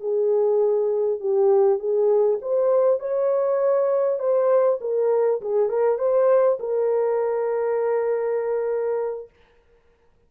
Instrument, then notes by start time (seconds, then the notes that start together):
horn
0.00 G#4
1.20 G4
1.79 G#4
2.41 C5
3.00 C#5
4.19 C5
4.81 A#4
5.41 G#4
5.69 A#4
5.98 C5
6.59 A#4